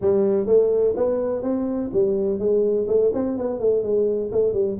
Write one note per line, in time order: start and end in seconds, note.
0.01 0.46 G3
0.46 0.94 A3
0.96 1.42 B3
1.42 1.90 C4
1.92 2.38 G3
2.38 2.86 G#3
2.87 3.11 A3
3.13 3.37 C4
3.37 3.59 B3
3.59 3.83 A3
3.83 4.31 G#3
4.31 4.53 A3
4.53 4.77 G3